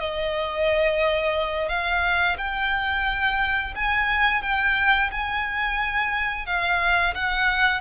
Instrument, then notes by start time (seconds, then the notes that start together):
violin
0.00 D#5
1.69 F5
2.38 G5
3.76 G#5
4.42 G5
5.12 G#5
6.46 F5
7.15 F#5